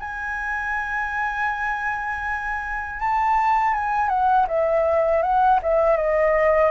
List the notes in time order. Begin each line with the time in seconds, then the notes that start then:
0.00 G#5
3.00 A5
3.74 G#5
4.09 F#5
4.48 E5
5.23 F#5
5.63 E5
5.97 D#5